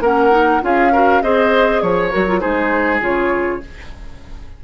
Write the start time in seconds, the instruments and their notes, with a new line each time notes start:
0.00 bassoon A#3, clarinet C#4, oboe A#4, flute F#5
0.31 clarinet D#4
0.61 bassoon C#4, clarinet F4, oboe G#4, flute F5
0.92 clarinet F#4, oboe A#4
1.22 bassoon C4, clarinet G#4, oboe C5, flute D#5
1.82 bassoon F3, flute C#5, oboe C#5
2.11 bassoon F#3, clarinet F#4, flute A#4
2.27 clarinet F4
2.40 bassoon G#3, clarinet D#4, oboe G#4, flute C5
3.00 bassoon C#3, clarinet F4, flute C#5